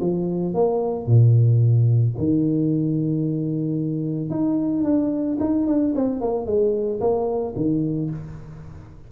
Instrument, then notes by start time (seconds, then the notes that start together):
tuba
0.00 F3
0.54 A#3
1.06 A#2
2.17 D#3
4.30 D#4
4.84 D4
5.40 D#4
5.67 D4
5.95 C4
6.21 A#3
6.46 G#3
7.00 A#3
7.56 D#3